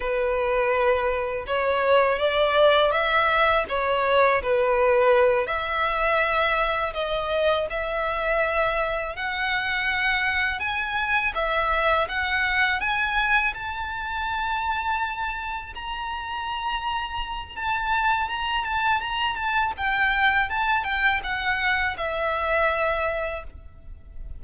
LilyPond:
\new Staff \with { instrumentName = "violin" } { \time 4/4 \tempo 4 = 82 b'2 cis''4 d''4 | e''4 cis''4 b'4. e''8~ | e''4. dis''4 e''4.~ | e''8 fis''2 gis''4 e''8~ |
e''8 fis''4 gis''4 a''4.~ | a''4. ais''2~ ais''8 | a''4 ais''8 a''8 ais''8 a''8 g''4 | a''8 g''8 fis''4 e''2 | }